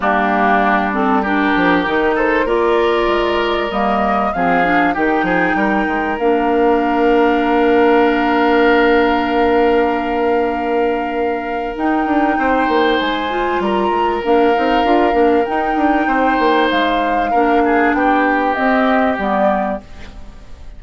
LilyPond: <<
  \new Staff \with { instrumentName = "flute" } { \time 4/4 \tempo 4 = 97 g'4. a'8 ais'4. c''8 | d''2 dis''4 f''4 | g''2 f''2~ | f''1~ |
f''2. g''4~ | g''4 gis''4 ais''4 f''4~ | f''4 g''2 f''4~ | f''4 g''4 dis''4 d''4 | }
  \new Staff \with { instrumentName = "oboe" } { \time 4/4 d'2 g'4. a'8 | ais'2. gis'4 | g'8 gis'8 ais'2.~ | ais'1~ |
ais'1 | c''2 ais'2~ | ais'2 c''2 | ais'8 gis'8 g'2. | }
  \new Staff \with { instrumentName = "clarinet" } { \time 4/4 ais4. c'8 d'4 dis'4 | f'2 ais4 c'8 d'8 | dis'2 d'2~ | d'1~ |
d'2. dis'4~ | dis'4. f'4. d'8 dis'8 | f'8 d'8 dis'2. | d'2 c'4 b4 | }
  \new Staff \with { instrumentName = "bassoon" } { \time 4/4 g2~ g8 f8 dis4 | ais4 gis4 g4 f4 | dis8 f8 g8 gis8 ais2~ | ais1~ |
ais2. dis'8 d'8 | c'8 ais8 gis4 g8 gis8 ais8 c'8 | d'8 ais8 dis'8 d'8 c'8 ais8 gis4 | ais4 b4 c'4 g4 | }
>>